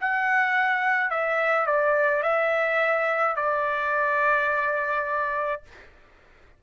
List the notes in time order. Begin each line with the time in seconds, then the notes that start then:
0.00 F#5
1.10 E5
1.66 D5
2.23 E5
3.36 D5